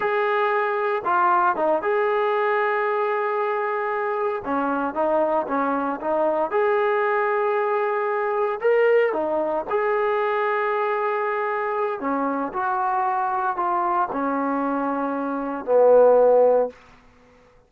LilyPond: \new Staff \with { instrumentName = "trombone" } { \time 4/4 \tempo 4 = 115 gis'2 f'4 dis'8 gis'8~ | gis'1~ | gis'8 cis'4 dis'4 cis'4 dis'8~ | dis'8 gis'2.~ gis'8~ |
gis'8 ais'4 dis'4 gis'4.~ | gis'2. cis'4 | fis'2 f'4 cis'4~ | cis'2 b2 | }